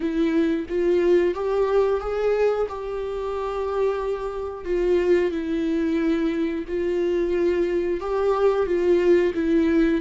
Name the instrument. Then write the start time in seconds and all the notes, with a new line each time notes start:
viola
0.00 E4
0.68 F4
1.34 G4
2.00 G#4
2.68 G4
4.65 F4
5.31 E4
6.67 F4
8.00 G4
8.66 F4
9.34 E4